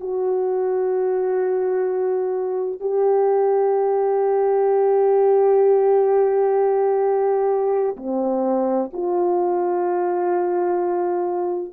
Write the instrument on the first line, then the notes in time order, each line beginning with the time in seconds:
horn
0.00 F#4
2.80 G4
7.96 C4
8.93 F4